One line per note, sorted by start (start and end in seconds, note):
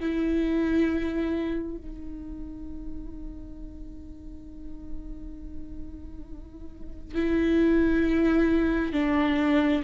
0.00 1.77 E4
1.77 7.14 D#4
7.14 8.93 E4
8.93 9.82 D4